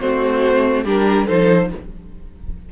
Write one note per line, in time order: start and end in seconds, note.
0.00 0.85 A3
0.00 0.85 C4
0.00 0.84 F#4
0.00 0.83 C5
0.84 1.26 G3
0.84 1.27 D4
0.84 1.25 G4
0.84 1.27 A#4
1.25 1.71 F3
1.25 1.69 D#4
1.25 1.67 A4
1.25 1.69 C5